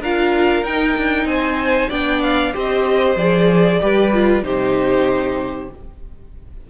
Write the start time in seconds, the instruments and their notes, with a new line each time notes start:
0.00 cello D4, viola F4, violin A#4 F5
0.63 cello D#4, viola D#4, violin G5
0.97 cello D4
1.25 cello C4, violin C5 G#5
1.90 cello B3, viola D4, violin D5 G5
2.22 violin F5
2.53 cello C4, viola G4, violin C5 D#5
3.16 cello F3, viola G#4, violin D5
3.81 cello G3, viola G4, violin B4
4.13 viola F4
4.43 cello C3, viola D#4, violin G4 C5